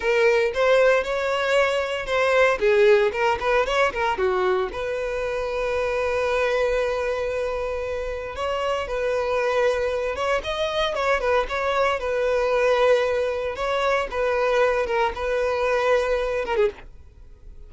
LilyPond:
\new Staff \with { instrumentName = "violin" } { \time 4/4 \tempo 4 = 115 ais'4 c''4 cis''2 | c''4 gis'4 ais'8 b'8 cis''8 ais'8 | fis'4 b'2.~ | b'1 |
cis''4 b'2~ b'8 cis''8 | dis''4 cis''8 b'8 cis''4 b'4~ | b'2 cis''4 b'4~ | b'8 ais'8 b'2~ b'8 ais'16 gis'16 | }